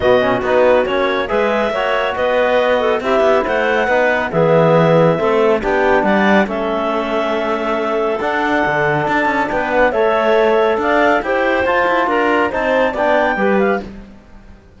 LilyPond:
<<
  \new Staff \with { instrumentName = "clarinet" } { \time 4/4 \tempo 4 = 139 dis''4 b'4 cis''4 e''4~ | e''4 dis''2 e''4 | fis''2 e''2~ | e''4 g''4 fis''4 e''4~ |
e''2. fis''4~ | fis''4 a''4 g''8 fis''8 e''4~ | e''4 f''4 g''4 a''4 | ais''4 a''4 g''4. f''8 | }
  \new Staff \with { instrumentName = "clarinet" } { \time 4/4 fis'2. b'4 | cis''4 b'4. a'8 g'4 | c''4 b'4 gis'2 | a'4 g'4 d''4 a'4~ |
a'1~ | a'2 b'4 cis''4~ | cis''4 d''4 c''2 | ais'4 c''4 d''4 b'4 | }
  \new Staff \with { instrumentName = "trombone" } { \time 4/4 b8 cis'8 dis'4 cis'4 gis'4 | fis'2. e'4~ | e'4 dis'4 b2 | c'4 d'2 cis'4~ |
cis'2. d'4~ | d'2. a'4~ | a'2 g'4 f'4~ | f'4 dis'4 d'4 g'4 | }
  \new Staff \with { instrumentName = "cello" } { \time 4/4 b,4 b4 ais4 gis4 | ais4 b2 c'8 b8 | a4 b4 e2 | a4 b4 g4 a4~ |
a2. d'4 | d4 d'8 cis'8 b4 a4~ | a4 d'4 e'4 f'8 e'8 | d'4 c'4 b4 g4 | }
>>